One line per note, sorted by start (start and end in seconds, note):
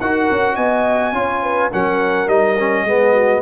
0.00 0.29 D#4
0.00 1.13 F#4
0.00 0.55 A#4
0.00 0.55 F#5
0.31 0.57 C#4
0.55 1.12 B3
0.55 1.12 D#5
0.55 1.70 G#5
1.12 1.69 C#4
1.12 1.70 F4
1.12 1.43 C#5
1.43 1.71 B4
1.71 2.27 F#3
1.71 2.27 C#4
1.71 2.85 A#4
1.71 2.28 F#5
2.27 2.84 G3
2.27 2.56 D#4
2.27 3.42 D#5
2.59 2.87 C#4
2.84 3.42 G#3
2.84 3.42 B3
2.84 3.13 G#4
3.13 3.41 F#4